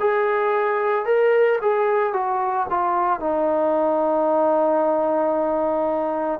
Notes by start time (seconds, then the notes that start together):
0.00 G#4
1.06 A#4
1.62 G#4
2.13 F#4
2.70 F4
3.20 D#4